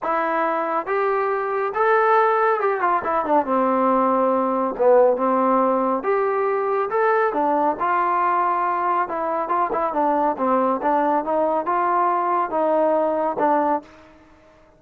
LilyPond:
\new Staff \with { instrumentName = "trombone" } { \time 4/4 \tempo 4 = 139 e'2 g'2 | a'2 g'8 f'8 e'8 d'8 | c'2. b4 | c'2 g'2 |
a'4 d'4 f'2~ | f'4 e'4 f'8 e'8 d'4 | c'4 d'4 dis'4 f'4~ | f'4 dis'2 d'4 | }